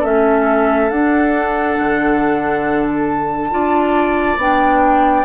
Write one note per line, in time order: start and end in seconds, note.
0.00 0.90 A3
0.00 0.90 C#4
0.00 3.48 A4
0.00 0.91 E5
0.90 1.77 D4
0.90 3.51 D4
0.90 2.86 F#5
1.79 3.53 D3
2.87 4.39 A5
3.51 4.37 D4
3.51 4.38 F4
3.51 5.26 D5
4.37 5.24 B3
4.37 5.26 D4
4.37 5.26 G5